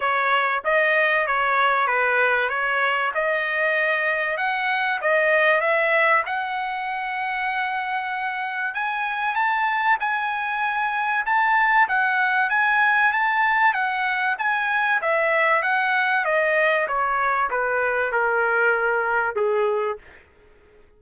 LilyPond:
\new Staff \with { instrumentName = "trumpet" } { \time 4/4 \tempo 4 = 96 cis''4 dis''4 cis''4 b'4 | cis''4 dis''2 fis''4 | dis''4 e''4 fis''2~ | fis''2 gis''4 a''4 |
gis''2 a''4 fis''4 | gis''4 a''4 fis''4 gis''4 | e''4 fis''4 dis''4 cis''4 | b'4 ais'2 gis'4 | }